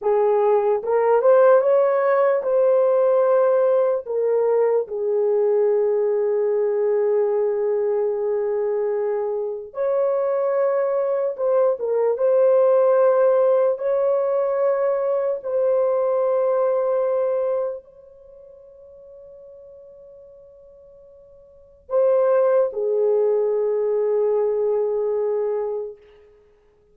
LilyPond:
\new Staff \with { instrumentName = "horn" } { \time 4/4 \tempo 4 = 74 gis'4 ais'8 c''8 cis''4 c''4~ | c''4 ais'4 gis'2~ | gis'1 | cis''2 c''8 ais'8 c''4~ |
c''4 cis''2 c''4~ | c''2 cis''2~ | cis''2. c''4 | gis'1 | }